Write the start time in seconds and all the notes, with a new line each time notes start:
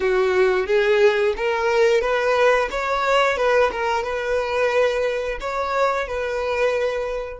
0.00 F#4
0.66 G#4
1.36 A#4
2.01 B4
2.70 C#5
3.37 B4
3.71 A#4
4.03 B4
5.40 C#5
6.07 B4